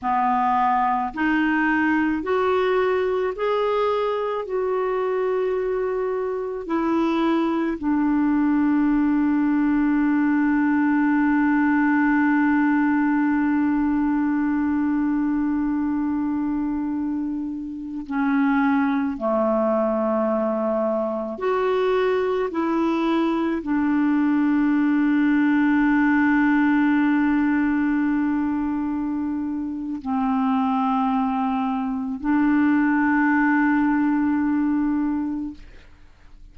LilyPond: \new Staff \with { instrumentName = "clarinet" } { \time 4/4 \tempo 4 = 54 b4 dis'4 fis'4 gis'4 | fis'2 e'4 d'4~ | d'1~ | d'1~ |
d'16 cis'4 a2 fis'8.~ | fis'16 e'4 d'2~ d'8.~ | d'2. c'4~ | c'4 d'2. | }